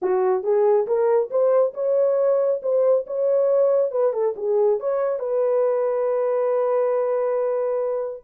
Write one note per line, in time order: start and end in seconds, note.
0.02 0.43 F#4
0.43 0.86 G#4
0.86 1.30 A#4
1.30 1.73 C5
1.74 2.61 C#5
2.62 3.05 C5
3.06 3.91 C#5
3.91 4.13 B4
4.13 4.35 A4
4.36 4.80 G#4
4.80 5.19 C#5
5.19 8.23 B4